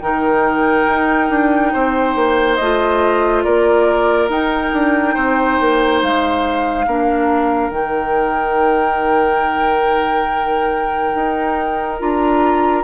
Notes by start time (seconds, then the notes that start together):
0.00 D#3 D#4 A#4 G5
0.87 D#4
1.30 D4
1.73 C4 C5
2.15 A#3
2.56 A3 F4 D#5
3.43 A#3 A#4 D5
4.29 D#4 G5
4.73 D4
5.14 C4 C5
5.60 A#3
6.02 G#3 F5
6.87 A#3 D4 A#4
7.70 D#3 D#4 G5
11.15 D#4
12.00 D4 F4 A#5